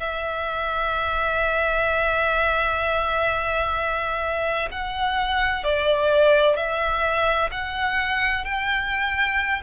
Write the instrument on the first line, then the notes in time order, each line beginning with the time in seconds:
violin
0.00 E5
4.72 F#5
5.64 D5
6.56 E5
7.51 F#5
8.45 G5